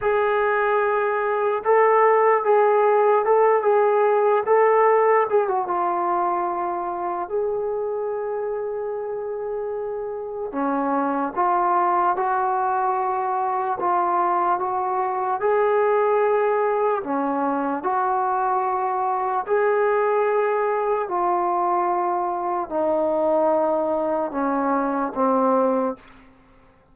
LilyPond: \new Staff \with { instrumentName = "trombone" } { \time 4/4 \tempo 4 = 74 gis'2 a'4 gis'4 | a'8 gis'4 a'4 gis'16 fis'16 f'4~ | f'4 gis'2.~ | gis'4 cis'4 f'4 fis'4~ |
fis'4 f'4 fis'4 gis'4~ | gis'4 cis'4 fis'2 | gis'2 f'2 | dis'2 cis'4 c'4 | }